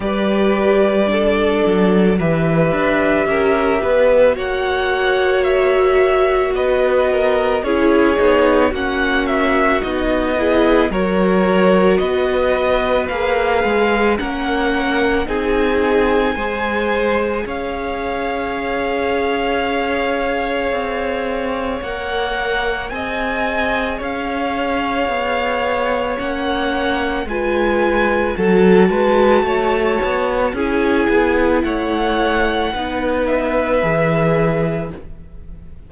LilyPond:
<<
  \new Staff \with { instrumentName = "violin" } { \time 4/4 \tempo 4 = 55 d''2 e''2 | fis''4 e''4 dis''4 cis''4 | fis''8 e''8 dis''4 cis''4 dis''4 | f''4 fis''4 gis''2 |
f''1 | fis''4 gis''4 f''2 | fis''4 gis''4 a''2 | gis''4 fis''4. e''4. | }
  \new Staff \with { instrumentName = "violin" } { \time 4/4 b'4 a'4 b'4 ais'8 b'8 | cis''2 b'8 ais'8 gis'4 | fis'4. gis'8 ais'4 b'4~ | b'4 ais'4 gis'4 c''4 |
cis''1~ | cis''4 dis''4 cis''2~ | cis''4 b'4 a'8 b'8 cis''4 | gis'4 cis''4 b'2 | }
  \new Staff \with { instrumentName = "viola" } { \time 4/4 g'4 d'4 g'2 | fis'2. e'8 dis'8 | cis'4 dis'8 e'8 fis'2 | gis'4 cis'4 dis'4 gis'4~ |
gis'1 | ais'4 gis'2. | cis'4 f'4 fis'2 | e'2 dis'4 gis'4 | }
  \new Staff \with { instrumentName = "cello" } { \time 4/4 g4. fis8 e8 d'8 cis'8 b8 | ais2 b4 cis'8 b8 | ais4 b4 fis4 b4 | ais8 gis8 ais4 c'4 gis4 |
cis'2. c'4 | ais4 c'4 cis'4 b4 | ais4 gis4 fis8 gis8 a8 b8 | cis'8 b8 a4 b4 e4 | }
>>